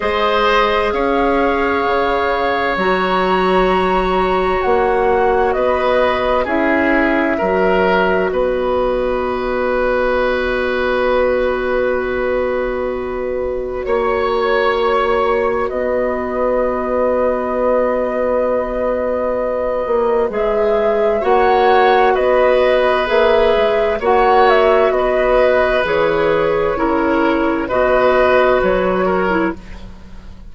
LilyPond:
<<
  \new Staff \with { instrumentName = "flute" } { \time 4/4 \tempo 4 = 65 dis''4 f''2 ais''4~ | ais''4 fis''4 dis''4 e''4~ | e''4 dis''2.~ | dis''2. cis''4~ |
cis''4 dis''2.~ | dis''2 e''4 fis''4 | dis''4 e''4 fis''8 e''8 dis''4 | cis''2 dis''4 cis''4 | }
  \new Staff \with { instrumentName = "oboe" } { \time 4/4 c''4 cis''2.~ | cis''2 b'4 gis'4 | ais'4 b'2.~ | b'2. cis''4~ |
cis''4 b'2.~ | b'2. cis''4 | b'2 cis''4 b'4~ | b'4 ais'4 b'4. ais'8 | }
  \new Staff \with { instrumentName = "clarinet" } { \time 4/4 gis'2. fis'4~ | fis'2. e'4 | fis'1~ | fis'1~ |
fis'1~ | fis'2 gis'4 fis'4~ | fis'4 gis'4 fis'2 | gis'4 e'4 fis'4.~ fis'16 e'16 | }
  \new Staff \with { instrumentName = "bassoon" } { \time 4/4 gis4 cis'4 cis4 fis4~ | fis4 ais4 b4 cis'4 | fis4 b2.~ | b2. ais4~ |
ais4 b2.~ | b4. ais8 gis4 ais4 | b4 ais8 gis8 ais4 b4 | e4 cis4 b,4 fis4 | }
>>